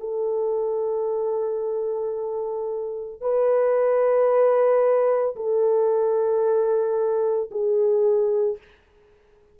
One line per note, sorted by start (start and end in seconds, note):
0.00 3.21 A4
3.21 5.36 B4
5.36 7.50 A4
7.51 8.58 G#4